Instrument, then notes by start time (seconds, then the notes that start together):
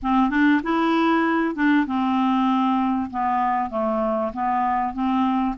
clarinet
0.02 C4
0.30 D4
0.63 E4
1.55 D4
1.86 C4
3.10 B3
3.70 A3
4.33 B3
4.93 C4